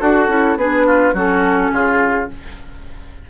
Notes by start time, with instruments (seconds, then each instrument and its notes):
0.00 bassoon D4, clarinet F#4, oboe F#4, flute A4
0.28 bassoon C#4, clarinet E4
0.56 bassoon B3, clarinet D4, oboe G#4, flute B4
0.86 oboe F4
1.13 bassoon F#3, clarinet C#4, oboe F#4, flute A4
1.72 bassoon C#3, oboe F4, flute G#4